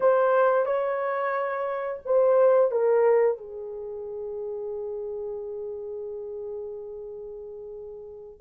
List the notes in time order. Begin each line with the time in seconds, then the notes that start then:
0.00 C5
0.65 C#5
2.05 C5
2.71 A#4
3.37 G#4